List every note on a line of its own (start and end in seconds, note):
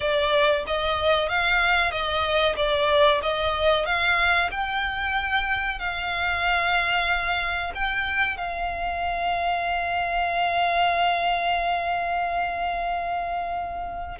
0.00 0.65 D5
0.67 1.28 D#5
1.28 1.91 F5
1.91 2.55 D#5
2.56 3.21 D5
3.22 3.85 D#5
3.85 4.50 F5
4.51 5.79 G5
5.79 7.72 F5
7.74 8.37 G5
8.37 14.18 F5